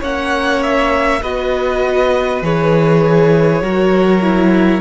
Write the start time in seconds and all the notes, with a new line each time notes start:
0.00 A#3 C#4 C#5 F#5
0.63 E5
1.22 B3 F#4 B4 D#5
2.42 E3 G#4 C#5
3.62 F#3 F#4 A#4
4.22 E4